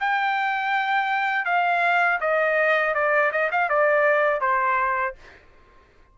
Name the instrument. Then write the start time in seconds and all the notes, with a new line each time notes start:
trumpet
0.00 G5
1.45 F5
2.20 D#5
2.94 D5
3.32 D#5
3.52 F5
3.69 D5
4.41 C5